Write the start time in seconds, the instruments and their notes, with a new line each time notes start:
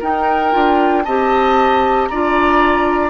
0.00 clarinet D#4, bassoon D#4, oboe A#4, flute G5
0.52 bassoon D4, clarinet F4
1.04 bassoon C4, clarinet G4, oboe D#5, flute A5
2.07 bassoon D4, clarinet F4, oboe D5, flute A#5